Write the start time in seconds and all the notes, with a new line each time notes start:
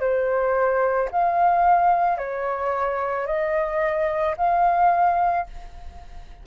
0.00 C5
1.12 F5
2.18 C#5
3.27 D#5
4.37 F5